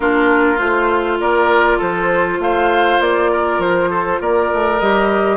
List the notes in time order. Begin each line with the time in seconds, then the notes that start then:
0.00 A#3 D4 F4 A#4
0.57 A3 F4 C5
1.19 A#3 A#4 D5
1.78 F3 A4 C5
2.39 A3 C5 F5
3.00 A#3 D5
3.31 A#4
3.58 F3 C5
3.90 A4
4.20 A#3 A#4 D5
4.53 A3
4.79 G3 G4 D#5